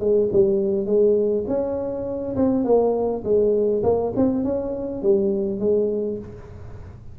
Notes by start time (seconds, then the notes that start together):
0.00 G#3
0.32 G3
0.86 G#3
1.48 C#4
2.36 C4
2.65 A#3
3.24 G#3
3.84 A#3
4.16 C4
4.44 C#4
5.03 G3
5.60 G#3